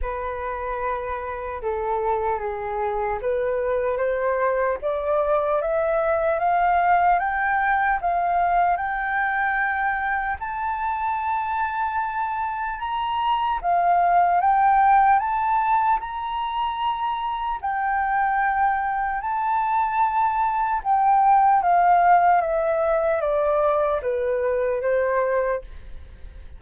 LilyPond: \new Staff \with { instrumentName = "flute" } { \time 4/4 \tempo 4 = 75 b'2 a'4 gis'4 | b'4 c''4 d''4 e''4 | f''4 g''4 f''4 g''4~ | g''4 a''2. |
ais''4 f''4 g''4 a''4 | ais''2 g''2 | a''2 g''4 f''4 | e''4 d''4 b'4 c''4 | }